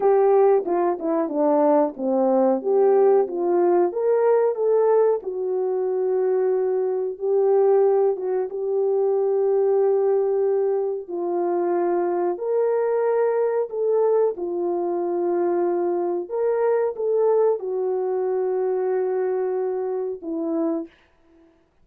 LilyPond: \new Staff \with { instrumentName = "horn" } { \time 4/4 \tempo 4 = 92 g'4 f'8 e'8 d'4 c'4 | g'4 f'4 ais'4 a'4 | fis'2. g'4~ | g'8 fis'8 g'2.~ |
g'4 f'2 ais'4~ | ais'4 a'4 f'2~ | f'4 ais'4 a'4 fis'4~ | fis'2. e'4 | }